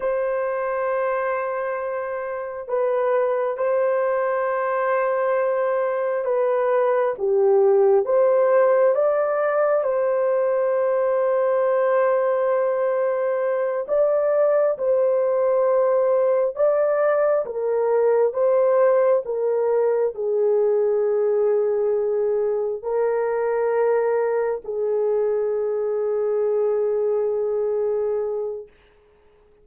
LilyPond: \new Staff \with { instrumentName = "horn" } { \time 4/4 \tempo 4 = 67 c''2. b'4 | c''2. b'4 | g'4 c''4 d''4 c''4~ | c''2.~ c''8 d''8~ |
d''8 c''2 d''4 ais'8~ | ais'8 c''4 ais'4 gis'4.~ | gis'4. ais'2 gis'8~ | gis'1 | }